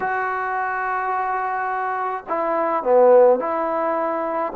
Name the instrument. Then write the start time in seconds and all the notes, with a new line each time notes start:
trombone
0.00 F#4
2.28 E4
2.83 B3
3.39 E4